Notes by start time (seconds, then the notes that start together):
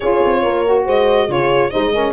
0.00 C#4 F4 G#4 C#5
0.24 C4
0.42 A#3 A#4
0.65 F#4
0.85 G#3 C5 D#5
1.27 C#3 F4 G#4 C#5
1.70 G#3 D#4 C5 D#5
1.92 C#4 A#4